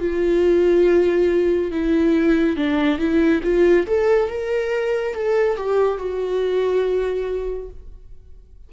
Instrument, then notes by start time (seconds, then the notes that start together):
viola
0.00 F4
1.71 E4
2.56 D4
2.98 E4
3.43 F4
3.86 A4
4.29 A#4
5.14 A4
5.57 G4
5.98 F#4